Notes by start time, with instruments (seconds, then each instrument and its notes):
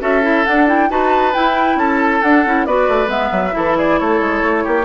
0.00 bassoon C#4, clarinet F#4, oboe A4, flute E5
0.22 clarinet E4
0.45 clarinet D4, bassoon D4, flute F#5
0.67 clarinet E4, flute G5
0.89 bassoon D#4, clarinet F#4, oboe B4, flute A5
1.34 clarinet E4, bassoon E4, flute G5
1.76 bassoon C#4, oboe A4, flute A5
2.22 bassoon D4, clarinet D4, flute F#5
2.45 bassoon C#4, clarinet E4
2.65 bassoon B3, clarinet F#4, oboe B4, flute D5
2.88 bassoon A3
3.06 bassoon G#3, clarinet B3, flute E5
3.31 bassoon F#3
3.51 bassoon E3, clarinet E4, oboe A4
3.77 oboe G#4, flute D5
3.99 bassoon A3, oboe A4, flute C#5
4.20 bassoon G#3
4.42 bassoon A3
4.64 bassoon A#3, oboe G4